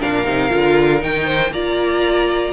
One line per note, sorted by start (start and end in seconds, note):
0.00 0.25 A#2
0.00 0.25 D4
0.00 1.26 A#4
0.00 1.03 F5
0.25 0.51 C3
0.25 0.50 D#4
0.50 1.03 D3
0.50 1.00 F4
1.00 1.51 D#3
1.00 1.51 D#4
1.00 1.53 G5
1.26 1.51 C5
1.51 2.53 A#3
1.51 2.53 F4
1.51 2.53 D5
1.51 2.53 A#5